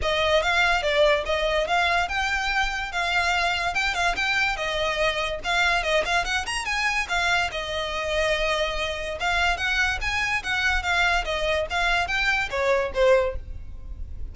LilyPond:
\new Staff \with { instrumentName = "violin" } { \time 4/4 \tempo 4 = 144 dis''4 f''4 d''4 dis''4 | f''4 g''2 f''4~ | f''4 g''8 f''8 g''4 dis''4~ | dis''4 f''4 dis''8 f''8 fis''8 ais''8 |
gis''4 f''4 dis''2~ | dis''2 f''4 fis''4 | gis''4 fis''4 f''4 dis''4 | f''4 g''4 cis''4 c''4 | }